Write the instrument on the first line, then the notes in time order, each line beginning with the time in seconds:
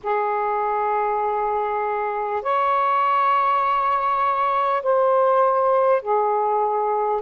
saxophone
0.03 G#4
2.42 C#5
4.82 C5
6.02 G#4